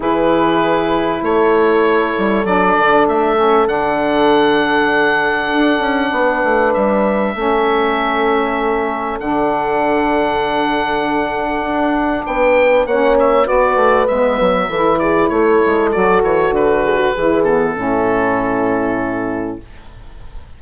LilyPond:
<<
  \new Staff \with { instrumentName = "oboe" } { \time 4/4 \tempo 4 = 98 b'2 cis''2 | d''4 e''4 fis''2~ | fis''2. e''4~ | e''2. fis''4~ |
fis''1 | g''4 fis''8 e''8 d''4 e''4~ | e''8 d''8 cis''4 d''8 cis''8 b'4~ | b'8 a'2.~ a'8 | }
  \new Staff \with { instrumentName = "horn" } { \time 4/4 gis'2 a'2~ | a'1~ | a'2 b'2 | a'1~ |
a'1 | b'4 cis''4 b'2 | a'8 gis'8 a'2~ a'8 gis'16 fis'16 | gis'4 e'2. | }
  \new Staff \with { instrumentName = "saxophone" } { \time 4/4 e'1 | d'4. cis'8 d'2~ | d'1 | cis'2. d'4~ |
d'1~ | d'4 cis'4 fis'4 b4 | e'2 fis'2 | e'8 b8 cis'2. | }
  \new Staff \with { instrumentName = "bassoon" } { \time 4/4 e2 a4. g8 | fis8 d8 a4 d2~ | d4 d'8 cis'8 b8 a8 g4 | a2. d4~ |
d2. d'4 | b4 ais4 b8 a8 gis8 fis8 | e4 a8 gis8 fis8 e8 d4 | e4 a,2. | }
>>